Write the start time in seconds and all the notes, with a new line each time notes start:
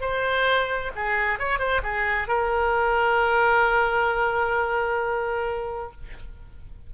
0.00 C5
0.95 G#4
1.39 C#5
1.58 C5
1.82 G#4
2.27 A#4